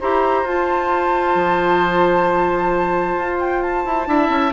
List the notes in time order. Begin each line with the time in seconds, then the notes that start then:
0.00 E4 G4 C5 A#5
0.44 F4 A5
1.35 F3
3.17 F4
3.40 G5
3.63 A5
3.85 E4
4.06 D4 E4 E5
4.29 C#4